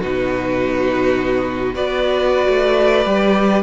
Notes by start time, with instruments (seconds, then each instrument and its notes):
0.00 cello B2, viola D#4, violin F#4 B4
1.74 cello B3, viola F#4, violin B4 D5
2.48 cello A3
3.06 cello G3, viola G4